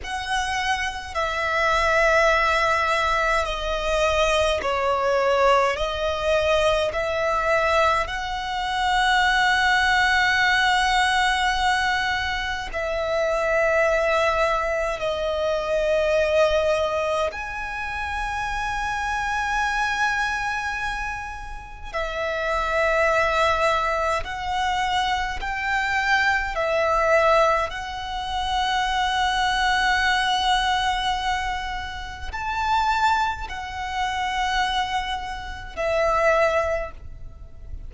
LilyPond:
\new Staff \with { instrumentName = "violin" } { \time 4/4 \tempo 4 = 52 fis''4 e''2 dis''4 | cis''4 dis''4 e''4 fis''4~ | fis''2. e''4~ | e''4 dis''2 gis''4~ |
gis''2. e''4~ | e''4 fis''4 g''4 e''4 | fis''1 | a''4 fis''2 e''4 | }